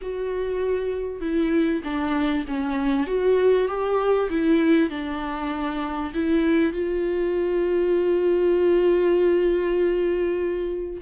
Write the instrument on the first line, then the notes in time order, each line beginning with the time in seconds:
viola
0.01 F#4
1.20 E4
1.83 D4
2.47 C#4
3.06 F#4
3.67 G4
4.29 E4
4.90 D4
6.14 E4
6.72 F4